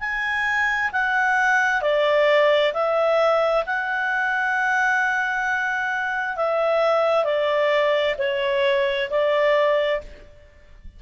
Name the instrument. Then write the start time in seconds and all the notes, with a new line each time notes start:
clarinet
0.00 G#5
0.93 F#5
1.82 D5
2.74 E5
3.66 F#5
6.37 E5
7.24 D5
8.19 C#5
9.10 D5